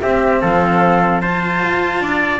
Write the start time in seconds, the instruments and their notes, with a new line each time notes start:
0.00 double bass C4, cello C4, trumpet G4, flute E5
0.40 double bass F3, trumpet A4, flute F5
1.20 cello F4, trumpet C5, flute A5
1.62 double bass F4
2.00 double bass D4, trumpet D5